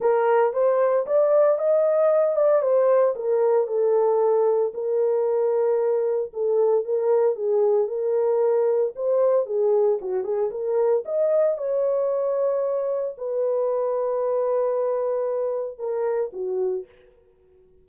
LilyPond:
\new Staff \with { instrumentName = "horn" } { \time 4/4 \tempo 4 = 114 ais'4 c''4 d''4 dis''4~ | dis''8 d''8 c''4 ais'4 a'4~ | a'4 ais'2. | a'4 ais'4 gis'4 ais'4~ |
ais'4 c''4 gis'4 fis'8 gis'8 | ais'4 dis''4 cis''2~ | cis''4 b'2.~ | b'2 ais'4 fis'4 | }